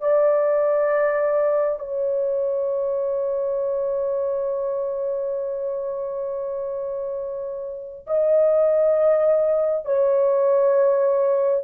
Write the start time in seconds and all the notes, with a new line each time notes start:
0.00 D5
1.79 C#5
8.06 D#5
9.85 C#5